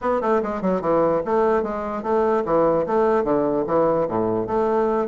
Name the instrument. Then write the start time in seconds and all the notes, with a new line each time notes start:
bassoon
0.01 B3
0.21 A3
0.42 G#3
0.61 F#3
0.81 E3
1.25 A3
1.63 G#3
2.03 A3
2.45 E3
2.86 A3
3.24 D3
3.66 E3
4.08 A2
4.46 A3